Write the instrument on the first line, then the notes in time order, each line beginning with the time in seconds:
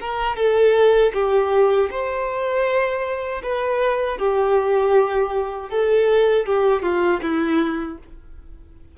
violin
0.00 A#4
0.36 A4
1.13 G4
1.90 C5
3.42 B4
4.18 G4
5.70 A4
6.46 G4
6.82 F4
7.22 E4